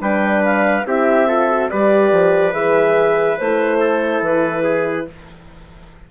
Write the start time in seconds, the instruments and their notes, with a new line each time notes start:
0.00 bassoon G3, horn D4, trumpet B4, clarinet G5
0.44 clarinet F5
0.86 bassoon C4, horn E4, trumpet G4, clarinet E5
1.28 horn F4, trumpet A4
1.49 horn F#4
1.70 bassoon G3, horn G4, trumpet B4, clarinet D5
2.12 bassoon F3
2.53 bassoon E3, horn G#4, clarinet E5
3.38 bassoon A3, horn E4, clarinet C5
3.80 trumpet A4
4.22 bassoon E3, clarinet B4
4.63 trumpet G#4